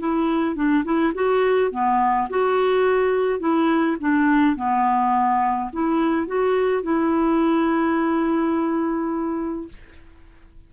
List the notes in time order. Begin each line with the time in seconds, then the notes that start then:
0.00 E4
0.56 D4
0.85 E4
1.15 F#4
1.71 B3
2.30 F#4
3.40 E4
4.00 D4
4.56 B3
5.73 E4
6.27 F#4
6.83 E4